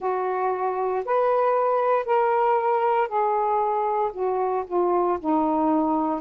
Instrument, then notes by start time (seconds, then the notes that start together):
saxophone
0.00 F#4
1.05 B4
2.05 A#4
3.08 G#4
4.12 F#4
4.66 F4
5.19 D#4